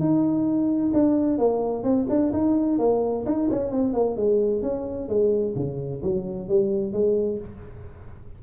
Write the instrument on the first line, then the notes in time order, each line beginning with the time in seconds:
tuba
0.00 D#4
0.94 D4
1.38 A#3
1.84 C4
2.10 D4
2.33 D#4
2.79 A#3
3.26 D#4
3.51 C#4
3.72 C4
3.94 A#3
4.17 G#3
4.63 C#4
5.09 G#3
5.56 C#3
6.03 F#3
6.49 G3
6.93 G#3